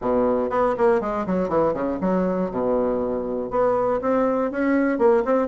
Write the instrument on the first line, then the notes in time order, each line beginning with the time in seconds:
bassoon
0.01 B2
0.50 B3
0.77 A#3
1.00 G#3
1.26 F#3
1.48 E3
1.73 C#3
2.00 F#3
2.50 B2
3.50 B3
4.01 C4
4.51 C#4
4.98 A#3
5.25 C4